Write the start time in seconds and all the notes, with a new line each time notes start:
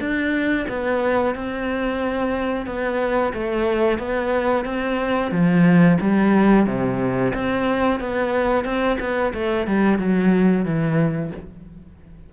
0.00 D4
0.69 B3
1.35 C4
2.67 B3
3.34 A3
3.99 B3
4.65 C4
5.32 F3
6.01 G3
6.66 C3
7.35 C4
8.01 B3
8.65 C4
9.00 B3
9.34 A3
9.67 G3
9.99 F#3
10.65 E3